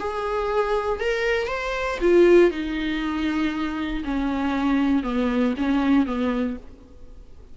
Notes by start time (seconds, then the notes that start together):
0.00 G#4
1.01 A#4
1.48 C5
2.02 F4
2.51 D#4
4.05 C#4
5.04 B3
5.58 C#4
6.06 B3